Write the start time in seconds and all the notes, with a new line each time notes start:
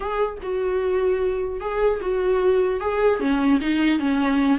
0.00 G#4
0.42 F#4
1.60 G#4
2.01 F#4
2.80 G#4
3.19 C#4
3.60 D#4
3.99 C#4